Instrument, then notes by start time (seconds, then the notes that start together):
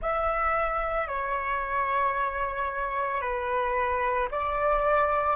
flute
0.01 E5
1.07 C#5
3.21 B4
4.31 D5